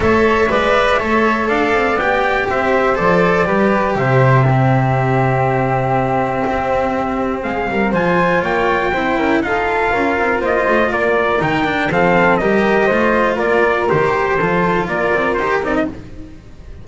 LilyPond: <<
  \new Staff \with { instrumentName = "trumpet" } { \time 4/4 \tempo 4 = 121 e''2. f''4 | g''4 e''4 d''2 | e''1~ | e''2. f''4 |
gis''4 g''2 f''4~ | f''4 dis''4 d''4 g''4 | f''4 dis''2 d''4 | c''2 d''4 c''8 d''16 dis''16 | }
  \new Staff \with { instrumentName = "flute" } { \time 4/4 cis''4 d''4 cis''4 d''4~ | d''4 c''2 b'4 | c''4 g'2.~ | g'2. gis'8 ais'8 |
c''4 cis''4 c''8 ais'8 a'4 | ais'4 c''4 ais'2 | a'4 ais'4 c''4 ais'4~ | ais'4 a'4 ais'2 | }
  \new Staff \with { instrumentName = "cello" } { \time 4/4 a'4 b'4 a'2 | g'2 a'4 g'4~ | g'4 c'2.~ | c'1 |
f'2 e'4 f'4~ | f'2. dis'8 d'8 | c'4 g'4 f'2 | g'4 f'2 g'8 dis'8 | }
  \new Staff \with { instrumentName = "double bass" } { \time 4/4 a4 gis4 a4 d'8 c'8 | b4 c'4 f4 g4 | c1~ | c4 c'2 gis8 g8 |
f4 ais4 c'8 cis'8 dis'4 | cis'8 c'8 ais8 a8 ais4 dis4 | f4 g4 a4 ais4 | dis4 f4 ais8 c'8 dis'8 c'8 | }
>>